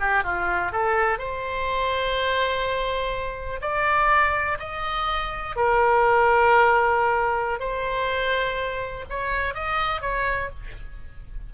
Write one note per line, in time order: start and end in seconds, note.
0.00 0.24 G4
0.24 0.72 F4
0.72 1.18 A4
1.18 3.60 C5
3.61 4.58 D5
4.59 5.56 D#5
5.56 7.59 A#4
7.59 9.05 C5
9.09 9.54 C#5
9.54 10.01 D#5
10.01 10.50 C#5